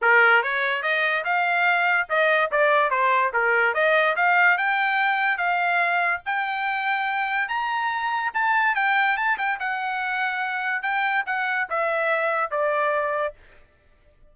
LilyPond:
\new Staff \with { instrumentName = "trumpet" } { \time 4/4 \tempo 4 = 144 ais'4 cis''4 dis''4 f''4~ | f''4 dis''4 d''4 c''4 | ais'4 dis''4 f''4 g''4~ | g''4 f''2 g''4~ |
g''2 ais''2 | a''4 g''4 a''8 g''8 fis''4~ | fis''2 g''4 fis''4 | e''2 d''2 | }